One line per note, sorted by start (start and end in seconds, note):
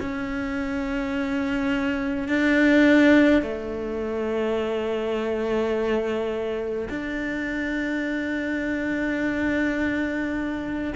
0.00 2.29 C#4
2.29 3.42 D4
3.42 6.89 A3
6.90 10.94 D4